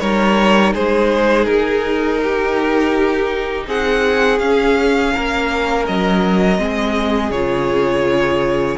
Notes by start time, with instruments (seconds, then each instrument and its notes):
0.00 cello G3, viola D#4, violin A#4 C#5
0.73 cello G#3, violin G#4 C5
1.45 cello D#4, violin A#4
2.23 violin G4
3.67 cello C4, violin G#4 F#5
4.39 cello C#4, viola C#4, violin F5
5.14 cello A#3, violin A#4
5.86 cello F#3, violin D#5
6.57 cello G#3, viola C4, violin G#4
7.30 cello C#3, viola F4, violin C#5